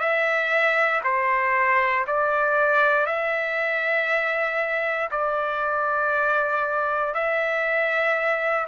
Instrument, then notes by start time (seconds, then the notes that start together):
trumpet
0.00 E5
1.04 C5
2.08 D5
3.06 E5
5.12 D5
7.15 E5